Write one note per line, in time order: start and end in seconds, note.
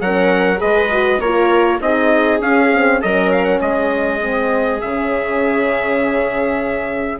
0.00 0.60 F#3
0.00 0.56 C#4
0.00 0.60 A#4
0.00 0.60 F#5
0.56 1.20 G#3
0.56 0.86 G#4
0.56 1.20 B4
0.56 1.20 D#5
0.91 1.21 F#4
1.20 1.79 A#3
1.20 1.80 F4
1.20 1.81 A#4
1.20 1.80 C#5
1.80 2.40 C4
1.80 2.40 D#4
1.80 3.01 G#4
1.80 2.41 D#5
2.40 3.00 C#4
2.40 2.70 C#4
2.40 3.01 F5
2.73 3.02 C4
3.01 3.60 F#3
3.01 4.21 C#4
3.01 3.60 A#4
3.01 3.31 D#5
3.32 3.44 F5
3.44 3.59 F#5
3.60 4.80 G#3
3.60 7.19 G#4
3.60 4.81 D#5
4.21 4.80 C4
4.81 7.19 C#3
4.81 7.19 C#4
4.81 7.19 E5